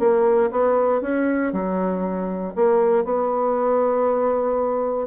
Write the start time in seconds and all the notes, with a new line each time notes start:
0.00 A#3
0.52 B3
1.02 C#4
1.53 F#3
2.56 A#3
3.05 B3